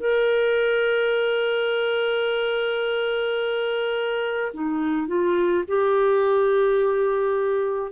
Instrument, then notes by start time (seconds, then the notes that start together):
clarinet
0.00 A#4
4.54 D#4
5.07 F4
5.68 G4